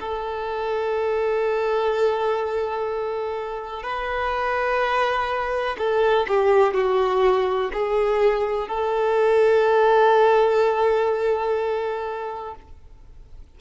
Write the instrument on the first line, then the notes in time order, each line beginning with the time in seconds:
violin
0.00 A4
3.83 B4
5.78 A4
6.28 G4
6.74 F#4
7.73 G#4
8.68 A4